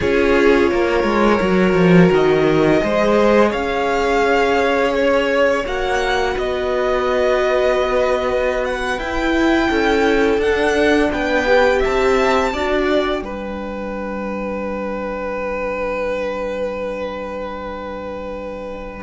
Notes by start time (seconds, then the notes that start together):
0.00 C#4 F4 G#4 C#5
0.71 A#3 A#4
1.03 G#3
1.40 F#3 F#4
1.74 F3
2.11 D#3 D#5
2.81 G#3 G#4 C5
3.49 C#4 C#5 F5
4.95 C#5
5.65 A#3 F#4 F#5
6.34 B3 B4 D#5
8.64 F#5
8.98 E4 G5
9.68 C#4 A4
10.37 D4 F#5
11.11 B3 B4 G5
11.46 G4
11.79 E5 A5
11.86 C4
12.52 D4 F#4 D5
12.88 G5
13.22 G3 D4 B4